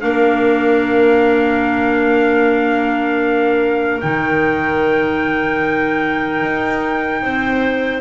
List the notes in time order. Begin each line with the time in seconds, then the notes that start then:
0.00 A#3 D4 A#4 F5
4.01 D#3 D#4 G5
6.42 D#4
7.22 C4 C5